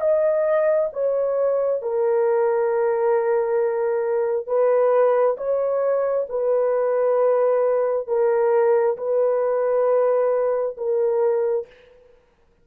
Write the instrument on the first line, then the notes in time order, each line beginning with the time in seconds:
horn
0.00 D#5
0.93 C#5
1.82 A#4
4.47 B4
5.37 C#5
6.29 B4
8.07 A#4
8.97 B4
10.77 A#4